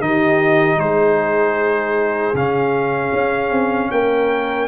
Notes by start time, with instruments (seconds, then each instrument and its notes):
0.00 tuba D#3, trombone D#4, horn G4, trumpet D#5
0.76 tuba G#3, horn G#4, trumpet C5
2.33 tuba C#3, trombone C#4, trumpet F5
3.13 tuba C#4
3.50 tuba C4
3.91 tuba A#3, horn A#4, trumpet G5